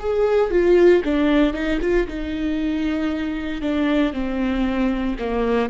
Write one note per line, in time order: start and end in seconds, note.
0.00 0.51 G#4
0.51 1.03 F4
1.04 1.54 D4
1.54 1.80 D#4
1.82 2.07 F4
2.08 3.62 D#4
3.62 4.13 D4
4.13 5.17 C4
5.20 5.70 A#3